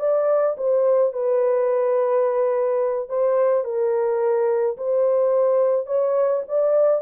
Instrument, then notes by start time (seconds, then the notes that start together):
horn
0.00 D5
0.57 C5
1.13 B4
3.09 C5
3.65 A#4
4.77 C5
5.86 C#5
6.48 D5